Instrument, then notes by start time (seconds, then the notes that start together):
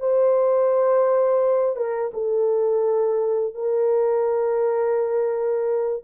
horn
0.00 C5
1.76 A#4
2.14 A4
3.55 A#4